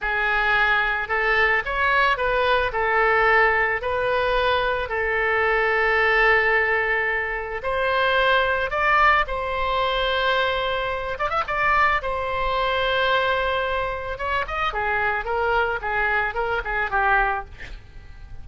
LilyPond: \new Staff \with { instrumentName = "oboe" } { \time 4/4 \tempo 4 = 110 gis'2 a'4 cis''4 | b'4 a'2 b'4~ | b'4 a'2.~ | a'2 c''2 |
d''4 c''2.~ | c''8 d''16 e''16 d''4 c''2~ | c''2 cis''8 dis''8 gis'4 | ais'4 gis'4 ais'8 gis'8 g'4 | }